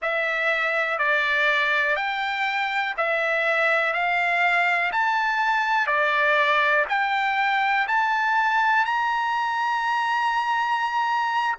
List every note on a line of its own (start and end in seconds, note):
0.02 0.98 E5
0.98 1.96 D5
1.96 2.94 G5
2.97 3.93 E5
3.93 4.91 F5
4.92 5.86 A5
5.86 6.85 D5
6.89 7.87 G5
7.87 8.85 A5
8.85 11.55 A#5